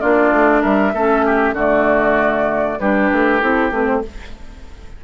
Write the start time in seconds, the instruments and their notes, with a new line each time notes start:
0.00 bassoon A#3, clarinet D4, oboe F4, flute D5
0.31 bassoon A3
0.61 bassoon G3, oboe A#4, flute E5
0.93 bassoon A3, clarinet C#4, oboe A4
1.25 oboe G4
1.52 bassoon D3, clarinet A3, oboe F#4, flute D5
2.79 bassoon G3, clarinet D4, oboe G4, flute B4
3.11 bassoon A3
3.40 bassoon C4, clarinet E4, flute A4
3.71 bassoon A3, clarinet C4, flute B4
3.86 flute C5